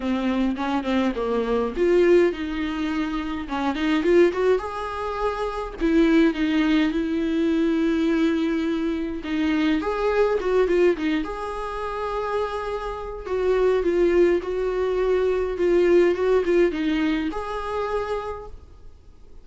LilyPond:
\new Staff \with { instrumentName = "viola" } { \time 4/4 \tempo 4 = 104 c'4 cis'8 c'8 ais4 f'4 | dis'2 cis'8 dis'8 f'8 fis'8 | gis'2 e'4 dis'4 | e'1 |
dis'4 gis'4 fis'8 f'8 dis'8 gis'8~ | gis'2. fis'4 | f'4 fis'2 f'4 | fis'8 f'8 dis'4 gis'2 | }